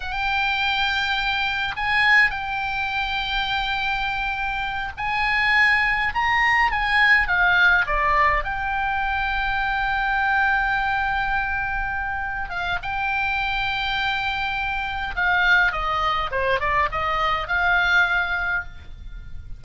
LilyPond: \new Staff \with { instrumentName = "oboe" } { \time 4/4 \tempo 4 = 103 g''2. gis''4 | g''1~ | g''8 gis''2 ais''4 gis''8~ | gis''8 f''4 d''4 g''4.~ |
g''1~ | g''4. f''8 g''2~ | g''2 f''4 dis''4 | c''8 d''8 dis''4 f''2 | }